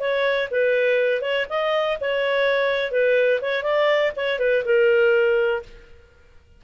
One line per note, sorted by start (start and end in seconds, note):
0.00 0.49 C#5
0.51 1.22 B4
1.22 1.46 C#5
1.50 1.99 D#5
2.01 2.92 C#5
2.92 3.41 B4
3.42 3.63 C#5
3.63 4.12 D5
4.17 4.40 C#5
4.40 4.64 B4
4.65 5.63 A#4